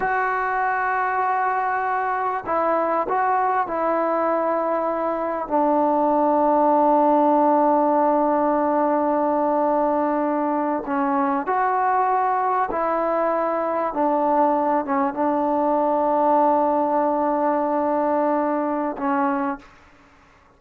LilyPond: \new Staff \with { instrumentName = "trombone" } { \time 4/4 \tempo 4 = 98 fis'1 | e'4 fis'4 e'2~ | e'4 d'2.~ | d'1~ |
d'4.~ d'16 cis'4 fis'4~ fis'16~ | fis'8. e'2 d'4~ d'16~ | d'16 cis'8 d'2.~ d'16~ | d'2. cis'4 | }